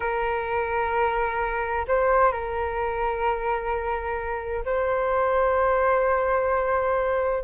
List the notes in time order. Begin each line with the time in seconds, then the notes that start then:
0.00 A#4
1.87 C5
2.32 A#4
4.65 C5